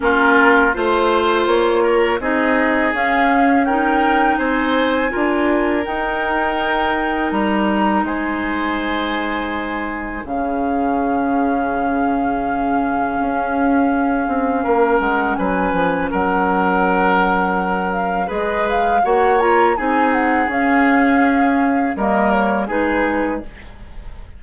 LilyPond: <<
  \new Staff \with { instrumentName = "flute" } { \time 4/4 \tempo 4 = 82 ais'4 c''4 cis''4 dis''4 | f''4 g''4 gis''2 | g''2 ais''4 gis''4~ | gis''2 f''2~ |
f''1~ | f''8 fis''8 gis''4 fis''2~ | fis''8 f''8 dis''8 f''8 fis''8 ais''8 gis''8 fis''8 | f''2 dis''8 cis''8 b'4 | }
  \new Staff \with { instrumentName = "oboe" } { \time 4/4 f'4 c''4. ais'8 gis'4~ | gis'4 ais'4 c''4 ais'4~ | ais'2. c''4~ | c''2 gis'2~ |
gis'1 | ais'4 b'4 ais'2~ | ais'4 b'4 cis''4 gis'4~ | gis'2 ais'4 gis'4 | }
  \new Staff \with { instrumentName = "clarinet" } { \time 4/4 cis'4 f'2 dis'4 | cis'4 dis'2 f'4 | dis'1~ | dis'2 cis'2~ |
cis'1~ | cis'1~ | cis'4 gis'4 fis'8 f'8 dis'4 | cis'2 ais4 dis'4 | }
  \new Staff \with { instrumentName = "bassoon" } { \time 4/4 ais4 a4 ais4 c'4 | cis'2 c'4 d'4 | dis'2 g4 gis4~ | gis2 cis2~ |
cis2 cis'4. c'8 | ais8 gis8 fis8 f8 fis2~ | fis4 gis4 ais4 c'4 | cis'2 g4 gis4 | }
>>